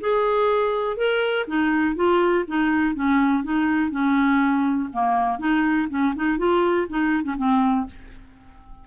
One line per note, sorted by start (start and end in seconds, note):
0.00 0.97 G#4
0.97 1.46 A#4
1.47 1.96 D#4
1.96 2.45 F4
2.47 2.94 D#4
2.94 3.43 C#4
3.43 3.91 D#4
3.91 4.89 C#4
4.93 5.39 A#3
5.39 5.88 D#4
5.89 6.14 C#4
6.15 6.38 D#4
6.38 6.87 F4
6.89 7.23 D#4
7.23 7.35 C#4
7.37 7.86 C4